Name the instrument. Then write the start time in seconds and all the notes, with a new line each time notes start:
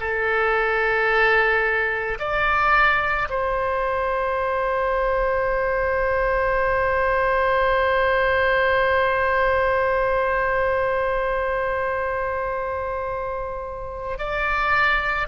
oboe
0.00 A4
2.19 D5
3.30 C5
14.19 D5